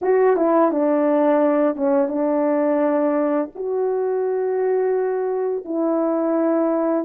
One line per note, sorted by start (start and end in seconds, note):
0.01 0.36 F#4
0.36 0.71 E4
0.71 1.76 D4
1.76 2.08 C#4
2.08 3.49 D4
3.55 5.64 F#4
5.64 7.05 E4